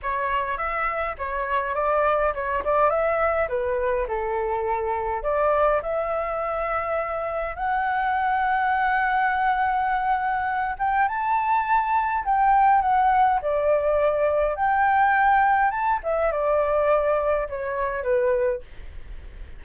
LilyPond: \new Staff \with { instrumentName = "flute" } { \time 4/4 \tempo 4 = 103 cis''4 e''4 cis''4 d''4 | cis''8 d''8 e''4 b'4 a'4~ | a'4 d''4 e''2~ | e''4 fis''2.~ |
fis''2~ fis''8 g''8 a''4~ | a''4 g''4 fis''4 d''4~ | d''4 g''2 a''8 e''8 | d''2 cis''4 b'4 | }